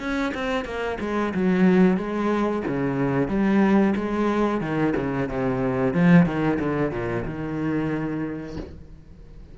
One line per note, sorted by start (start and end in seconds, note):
0.00 0.33 C#4
0.35 0.65 C4
0.65 0.98 A#3
1.01 1.34 G#3
1.35 1.97 F#3
1.97 2.63 G#3
2.68 3.28 C#3
3.28 3.94 G3
3.96 4.61 G#3
4.61 4.94 D#3
4.97 5.30 C#3
5.30 5.94 C3
5.94 6.26 F3
6.26 6.59 D#3
6.60 6.92 D3
6.92 7.25 A#2
7.25 8.57 D#3